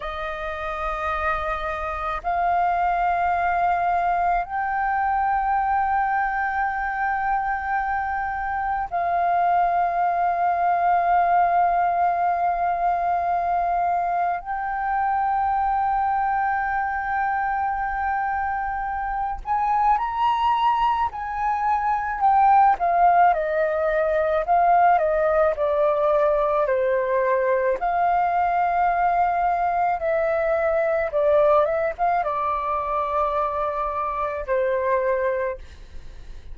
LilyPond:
\new Staff \with { instrumentName = "flute" } { \time 4/4 \tempo 4 = 54 dis''2 f''2 | g''1 | f''1~ | f''4 g''2.~ |
g''4. gis''8 ais''4 gis''4 | g''8 f''8 dis''4 f''8 dis''8 d''4 | c''4 f''2 e''4 | d''8 e''16 f''16 d''2 c''4 | }